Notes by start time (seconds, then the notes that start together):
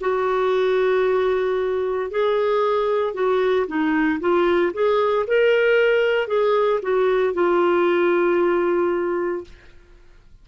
0.00 F#4
2.10 G#4
3.13 F#4
3.67 D#4
4.20 F4
4.73 G#4
5.27 A#4
6.27 G#4
6.82 F#4
7.33 F4